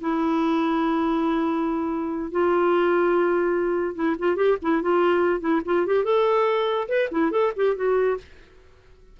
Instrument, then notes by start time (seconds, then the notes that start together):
clarinet
0.00 E4
2.31 F4
3.95 E4
4.18 F4
4.36 G4
4.62 E4
4.82 F4
5.40 E4
5.65 F4
5.86 G4
6.04 A4
6.88 B4
7.11 E4
7.31 A4
7.56 G4
7.75 F#4